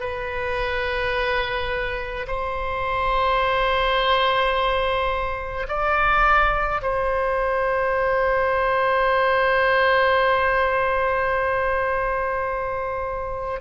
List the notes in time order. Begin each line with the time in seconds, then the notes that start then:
0.00 B4
2.27 C5
5.68 D5
6.82 C5